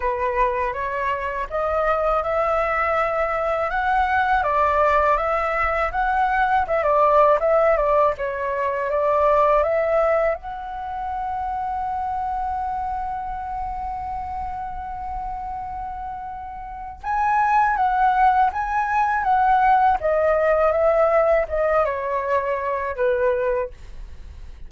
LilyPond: \new Staff \with { instrumentName = "flute" } { \time 4/4 \tempo 4 = 81 b'4 cis''4 dis''4 e''4~ | e''4 fis''4 d''4 e''4 | fis''4 e''16 d''8. e''8 d''8 cis''4 | d''4 e''4 fis''2~ |
fis''1~ | fis''2. gis''4 | fis''4 gis''4 fis''4 dis''4 | e''4 dis''8 cis''4. b'4 | }